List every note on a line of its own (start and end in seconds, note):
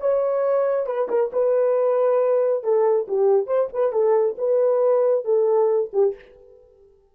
0.00 0.86 C#5
0.86 1.08 B4
1.09 1.31 A#4
1.32 2.63 B4
2.63 3.07 A4
3.08 3.47 G4
3.47 3.68 C5
3.73 3.92 B4
3.92 4.36 A4
4.38 5.25 B4
5.25 5.90 A4
5.93 6.15 G4